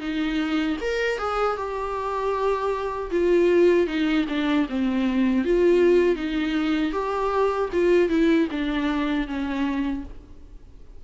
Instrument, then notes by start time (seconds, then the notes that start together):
viola
0.00 D#4
0.81 A#4
1.18 G#4
1.57 G4
3.11 F4
3.87 D#4
4.28 D4
4.69 C4
5.45 F4
6.16 D#4
6.92 G4
7.72 F4
8.09 E4
8.51 D4
9.27 C#4